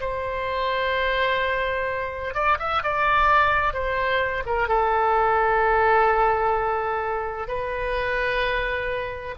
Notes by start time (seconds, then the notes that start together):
0.00 C5
2.34 D5
2.59 E5
2.83 D5
3.73 C5
4.46 A#4
4.68 A4
7.47 B4